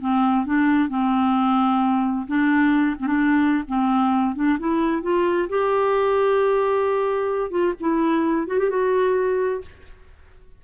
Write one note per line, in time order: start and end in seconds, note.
0.00 0.46 C4
0.46 0.89 D4
0.89 2.26 C4
2.27 2.96 D4
2.99 3.07 C4
3.07 3.64 D4
3.68 4.35 C4
4.35 4.58 D4
4.59 5.02 E4
5.02 5.48 F4
5.49 7.51 G4
7.51 7.73 F4
7.80 8.47 E4
8.47 8.58 F#4
8.58 8.70 G4
8.70 9.61 F#4